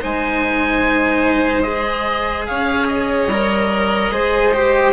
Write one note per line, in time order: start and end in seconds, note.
0.00 2.50 G#3
0.00 1.64 D#4
0.00 2.47 C5
0.00 1.62 G#5
1.62 3.28 G#4
1.62 2.45 D#5
2.46 3.27 C#4
2.46 4.12 C#5
2.46 2.87 F5
2.88 4.93 D#5
3.27 4.10 G3
3.27 4.11 A#4
4.11 4.93 G#3
4.11 4.52 G#4
4.11 4.93 C5
4.53 4.93 G4